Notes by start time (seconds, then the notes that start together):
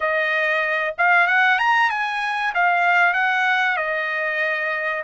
0.00 D#5
0.98 F5
1.27 F#5
1.58 A#5
1.89 G#5
2.54 F5
3.13 F#5
3.77 D#5